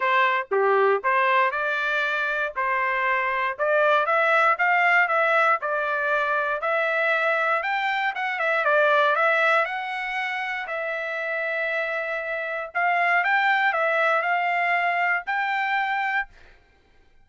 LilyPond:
\new Staff \with { instrumentName = "trumpet" } { \time 4/4 \tempo 4 = 118 c''4 g'4 c''4 d''4~ | d''4 c''2 d''4 | e''4 f''4 e''4 d''4~ | d''4 e''2 g''4 |
fis''8 e''8 d''4 e''4 fis''4~ | fis''4 e''2.~ | e''4 f''4 g''4 e''4 | f''2 g''2 | }